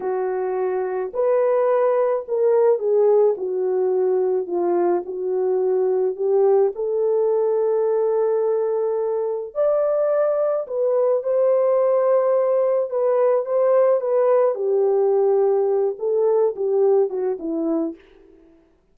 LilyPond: \new Staff \with { instrumentName = "horn" } { \time 4/4 \tempo 4 = 107 fis'2 b'2 | ais'4 gis'4 fis'2 | f'4 fis'2 g'4 | a'1~ |
a'4 d''2 b'4 | c''2. b'4 | c''4 b'4 g'2~ | g'8 a'4 g'4 fis'8 e'4 | }